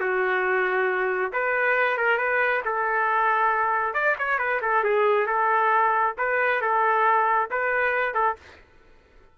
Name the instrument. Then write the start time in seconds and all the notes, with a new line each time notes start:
trumpet
0.00 F#4
1.33 B4
1.97 A#4
2.18 B4
2.65 A4
3.94 D5
4.19 C#5
4.39 B4
4.61 A4
4.84 G#4
5.27 A4
6.18 B4
6.61 A4
7.51 B4
8.14 A4